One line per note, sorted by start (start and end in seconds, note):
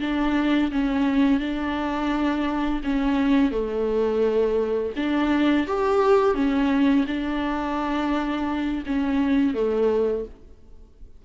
0.00 0.71 D4
0.71 1.40 C#4
1.40 2.81 D4
2.84 3.51 C#4
3.51 4.93 A3
4.96 5.66 D4
5.67 6.34 G4
6.34 7.05 C#4
7.07 8.83 D4
8.86 9.54 C#4
9.54 10.24 A3